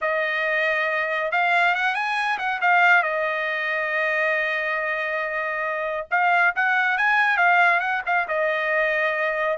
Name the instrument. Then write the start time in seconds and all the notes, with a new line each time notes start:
trumpet
0.01 D#5
1.31 F5
1.74 F#5
1.94 G#5
2.38 F#5
2.61 F5
3.02 D#5
6.10 F5
6.55 F#5
6.97 G#5
7.37 F5
7.80 F#5
8.06 F5
8.27 D#5